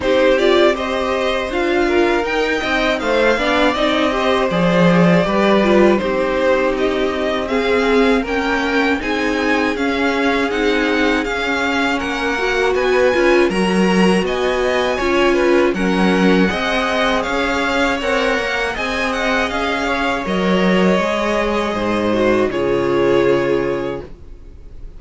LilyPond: <<
  \new Staff \with { instrumentName = "violin" } { \time 4/4 \tempo 4 = 80 c''8 d''8 dis''4 f''4 g''4 | f''4 dis''4 d''2 | c''4 dis''4 f''4 g''4 | gis''4 f''4 fis''4 f''4 |
fis''4 gis''4 ais''4 gis''4~ | gis''4 fis''2 f''4 | fis''4 gis''8 fis''8 f''4 dis''4~ | dis''2 cis''2 | }
  \new Staff \with { instrumentName = "violin" } { \time 4/4 g'4 c''4. ais'4 dis''8 | c''8 d''4 c''4. b'4 | g'2 gis'4 ais'4 | gis'1 |
ais'4 b'4 ais'4 dis''4 | cis''8 b'8 ais'4 dis''4 cis''4~ | cis''4 dis''4. cis''4.~ | cis''4 c''4 gis'2 | }
  \new Staff \with { instrumentName = "viola" } { \time 4/4 dis'8 f'8 g'4 f'4 dis'4~ | dis'8 d'8 dis'8 g'8 gis'4 g'8 f'8 | dis'2 c'4 cis'4 | dis'4 cis'4 dis'4 cis'4~ |
cis'8 fis'4 f'8 fis'2 | f'4 cis'4 gis'2 | ais'4 gis'2 ais'4 | gis'4. fis'8 f'2 | }
  \new Staff \with { instrumentName = "cello" } { \time 4/4 c'2 d'4 dis'8 c'8 | a8 b8 c'4 f4 g4 | c'2. ais4 | c'4 cis'4 c'4 cis'4 |
ais4 b8 cis'8 fis4 b4 | cis'4 fis4 c'4 cis'4 | c'8 ais8 c'4 cis'4 fis4 | gis4 gis,4 cis2 | }
>>